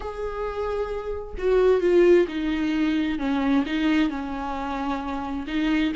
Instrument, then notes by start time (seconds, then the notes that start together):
viola
0.00 G#4
1.38 F#4
1.80 F4
2.28 D#4
3.18 C#4
3.65 D#4
4.09 C#4
5.47 D#4